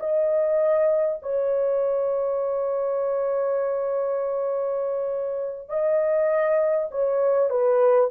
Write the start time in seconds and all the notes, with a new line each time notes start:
0.00 D#5
1.22 C#5
5.69 D#5
6.91 C#5
7.50 B4